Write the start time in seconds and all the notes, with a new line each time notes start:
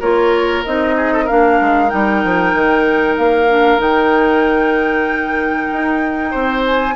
0.00 A#3 F4 A#4 C#5
0.65 C4 D#4 D#5
0.97 G#4
1.12 A4
1.24 D4 A#4 F5
1.30 A#3
1.60 G#3
1.89 G3 D#4 G5
2.24 F3
2.54 D#3
3.17 A#3 F5
3.49 D4
3.78 D#3 D#4 G5
5.72 D#4
6.31 C4 C5
6.66 G#5